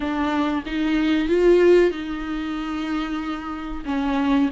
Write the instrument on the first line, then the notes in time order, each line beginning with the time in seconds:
viola
0.00 D4
0.66 D#4
1.28 F4
1.91 D#4
3.85 C#4